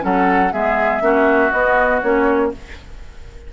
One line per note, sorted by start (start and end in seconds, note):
0.00 0.53 F#3
0.00 0.50 C#4
0.00 0.53 A4
0.00 0.53 F#5
0.53 1.01 G#3
0.53 1.01 B3
0.53 1.02 G#4
0.53 1.52 E5
1.01 1.51 A#3
1.01 1.51 C#4
1.01 2.52 F#4
1.52 2.02 B3
1.52 2.03 B3
1.52 2.01 D#5
2.02 2.53 A#3
2.02 2.52 C#4
2.02 2.52 C#5